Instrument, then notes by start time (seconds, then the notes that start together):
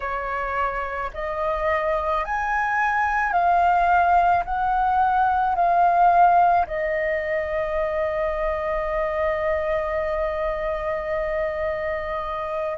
flute
0.00 C#5
1.13 D#5
2.25 G#5
3.32 F5
4.44 F#5
5.55 F5
6.67 D#5